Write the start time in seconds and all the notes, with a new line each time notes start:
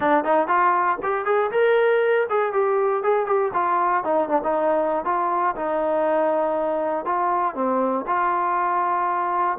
0.00 D4
0.24 D#4
0.47 F4
1.02 G4
1.25 G#4
1.51 A#4
2.29 G#4
2.52 G4
3.03 G#4
3.26 G4
3.53 F4
4.03 D#4
4.29 D4
4.43 D#4
5.04 F4
5.56 D#4
7.05 F4
7.54 C4
8.06 F4